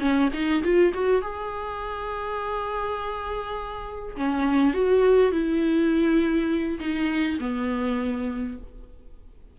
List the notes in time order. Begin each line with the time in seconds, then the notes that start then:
0.00 C#4
0.34 D#4
0.64 F4
0.94 F#4
1.22 G#4
4.17 C#4
4.74 F#4
5.32 E4
6.80 D#4
7.40 B3